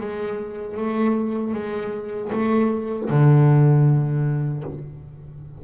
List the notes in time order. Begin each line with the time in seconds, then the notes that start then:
0.00 G#3
0.77 A3
1.53 G#3
2.32 A3
3.10 D3